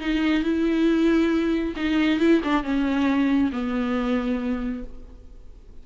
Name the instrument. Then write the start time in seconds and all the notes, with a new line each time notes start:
viola
0.00 D#4
0.43 E4
1.76 D#4
2.20 E4
2.43 D4
2.63 C#4
3.52 B3